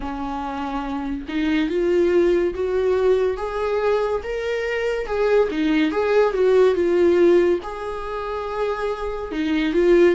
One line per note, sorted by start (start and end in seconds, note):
0.00 1.26 C#4
1.28 1.69 D#4
1.69 2.54 F4
2.54 3.36 F#4
3.36 4.21 G#4
4.23 5.06 A#4
5.06 5.48 G#4
5.50 5.92 D#4
5.92 6.33 G#4
6.33 6.75 F#4
6.75 7.59 F4
7.62 9.31 G#4
9.31 9.73 D#4
9.73 10.15 F4